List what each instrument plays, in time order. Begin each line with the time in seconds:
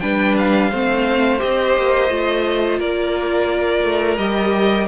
0.00 cello G3, viola D4, violin B4 G5
0.38 violin F5
0.70 cello A3, viola C4, violin C5
1.39 cello C4, viola G4, violin D#5
1.77 cello A#3
2.09 cello A3, viola F4
2.79 cello A#3, violin A#4 D5
3.84 cello A3
4.18 cello G3, viola G4, violin D#5